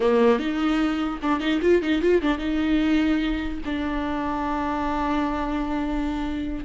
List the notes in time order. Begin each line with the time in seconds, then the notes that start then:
0.00 A#3
0.39 D#4
1.22 D4
1.39 D#4
1.61 F4
1.81 D#4
2.01 F4
2.21 D4
2.38 D#4
3.65 D4